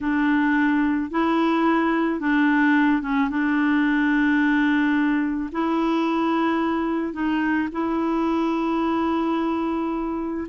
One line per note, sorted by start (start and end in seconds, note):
0.01 1.10 D4
1.10 2.19 E4
2.19 3.02 D4
3.02 3.29 C#4
3.30 5.50 D4
5.52 7.13 E4
7.13 7.68 D#4
7.72 10.47 E4